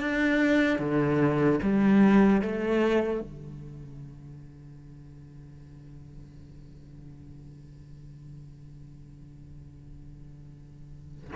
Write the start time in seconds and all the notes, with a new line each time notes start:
0.00 D4
0.79 D3
1.62 G3
2.42 A3
3.21 D3